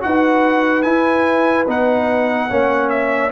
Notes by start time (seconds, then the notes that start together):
0.00 D#4 F#4 B4 F#5
0.82 E4 G#5
1.67 B3 D#4 F#5
2.49 A#3 C#4 C#5
2.89 E5